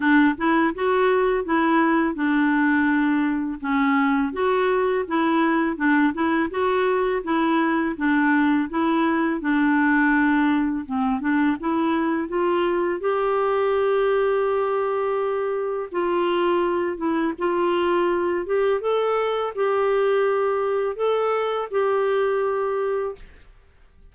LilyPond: \new Staff \with { instrumentName = "clarinet" } { \time 4/4 \tempo 4 = 83 d'8 e'8 fis'4 e'4 d'4~ | d'4 cis'4 fis'4 e'4 | d'8 e'8 fis'4 e'4 d'4 | e'4 d'2 c'8 d'8 |
e'4 f'4 g'2~ | g'2 f'4. e'8 | f'4. g'8 a'4 g'4~ | g'4 a'4 g'2 | }